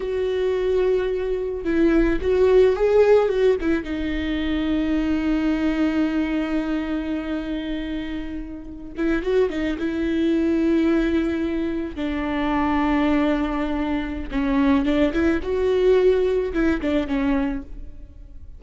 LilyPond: \new Staff \with { instrumentName = "viola" } { \time 4/4 \tempo 4 = 109 fis'2. e'4 | fis'4 gis'4 fis'8 e'8 dis'4~ | dis'1~ | dis'1~ |
dis'16 e'8 fis'8 dis'8 e'2~ e'16~ | e'4.~ e'16 d'2~ d'16~ | d'2 cis'4 d'8 e'8 | fis'2 e'8 d'8 cis'4 | }